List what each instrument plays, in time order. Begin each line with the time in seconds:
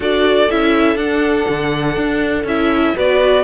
0.00 cello D4, viola F#4, violin A4 D5
0.50 cello C#4, viola E4, violin E5
0.95 cello D4, viola D4, violin F#5
1.48 cello D3
1.96 cello D4
2.43 cello C#4, viola E4, violin E5
2.95 cello B3, viola F#4, violin B4 D5